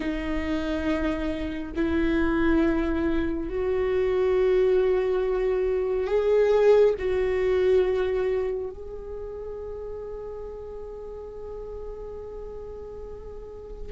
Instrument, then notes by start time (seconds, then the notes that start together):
viola
0.00 D#4
1.75 E4
3.49 F#4
6.07 G#4
6.98 F#4
8.70 G#4